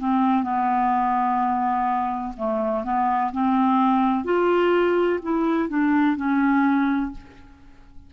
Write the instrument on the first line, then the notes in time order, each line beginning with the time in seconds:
clarinet
0.00 C4
0.43 B3
2.37 A3
2.84 B3
3.32 C4
4.25 F4
5.23 E4
5.69 D4
6.16 C#4